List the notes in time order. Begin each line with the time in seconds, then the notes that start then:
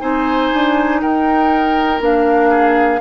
0.00 C4 D#4 C5 G#5
0.54 D4
1.01 D#4 A#4 G5
2.00 A#3 D4 F5
2.50 G#4